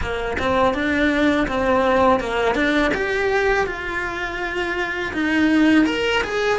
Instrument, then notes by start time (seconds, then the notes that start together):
cello
0.01 A#3
0.39 C4
0.74 D4
1.47 C4
2.20 A#3
2.54 D4
2.94 G4
3.66 F4
5.13 D#4
5.85 A#4
6.23 G#4